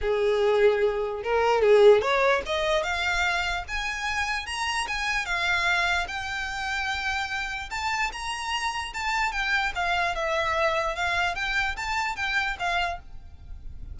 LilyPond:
\new Staff \with { instrumentName = "violin" } { \time 4/4 \tempo 4 = 148 gis'2. ais'4 | gis'4 cis''4 dis''4 f''4~ | f''4 gis''2 ais''4 | gis''4 f''2 g''4~ |
g''2. a''4 | ais''2 a''4 g''4 | f''4 e''2 f''4 | g''4 a''4 g''4 f''4 | }